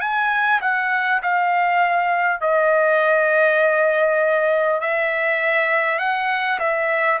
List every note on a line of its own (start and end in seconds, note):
0.00 0.60 G#5
0.61 1.21 F#5
1.22 2.41 F5
2.41 4.81 D#5
4.81 5.98 E5
5.98 6.58 F#5
6.59 7.19 E5